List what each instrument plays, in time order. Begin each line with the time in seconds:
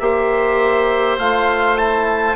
0.00 bassoon A#3, trombone G4, oboe C5, trumpet E5
1.19 bassoon A3, trombone F4, trumpet F5
1.77 trombone E4, trumpet A5